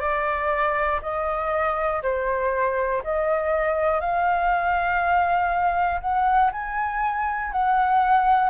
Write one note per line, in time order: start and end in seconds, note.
0.00 1.00 D5
1.02 2.02 D#5
2.03 3.03 C5
3.04 4.01 D#5
4.01 6.01 F5
6.01 6.51 F#5
6.52 7.52 G#5
7.53 8.50 F#5